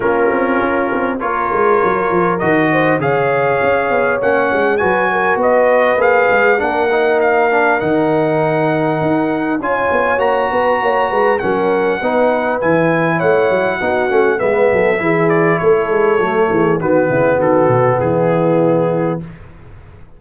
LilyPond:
<<
  \new Staff \with { instrumentName = "trumpet" } { \time 4/4 \tempo 4 = 100 ais'2 cis''2 | dis''4 f''2 fis''4 | gis''4 dis''4 f''4 fis''4 | f''4 fis''2. |
gis''4 ais''2 fis''4~ | fis''4 gis''4 fis''2 | e''4. d''8 cis''2 | b'4 a'4 gis'2 | }
  \new Staff \with { instrumentName = "horn" } { \time 4/4 f'2 ais'2~ | ais'8 c''8 cis''2. | b'8 ais'8 b'2 ais'4~ | ais'1 |
cis''4. b'8 cis''8 b'8 ais'4 | b'2 cis''4 fis'4 | b'8 a'8 gis'4 a'4. gis'8 | fis'8 e'8 fis'4 e'2 | }
  \new Staff \with { instrumentName = "trombone" } { \time 4/4 cis'2 f'2 | fis'4 gis'2 cis'4 | fis'2 gis'4 d'8 dis'8~ | dis'8 d'8 dis'2. |
f'4 fis'2 cis'4 | dis'4 e'2 dis'8 cis'8 | b4 e'2 a4 | b1 | }
  \new Staff \with { instrumentName = "tuba" } { \time 4/4 ais8 c'8 cis'8 c'8 ais8 gis8 fis8 f8 | dis4 cis4 cis'8 b8 ais8 gis8 | fis4 b4 ais8 gis8 ais4~ | ais4 dis2 dis'4 |
cis'8 b8 ais8 b8 ais8 gis8 fis4 | b4 e4 a8 fis8 b8 a8 | gis8 fis8 e4 a8 gis8 fis8 e8 | dis8 cis8 dis8 b,8 e2 | }
>>